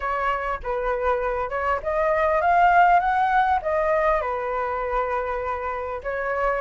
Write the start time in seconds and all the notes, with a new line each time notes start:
0.00 C#5
0.63 B4
1.49 C#5
1.82 D#5
2.41 F5
2.99 F#5
3.62 D#5
4.21 B4
6.03 C#5